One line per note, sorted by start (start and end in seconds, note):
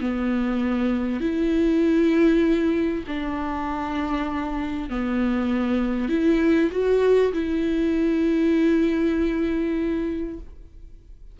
0.00 1.20 B3
1.20 3.04 E4
3.07 4.89 D4
4.89 6.08 B3
6.08 6.70 E4
6.71 7.32 F#4
7.32 10.39 E4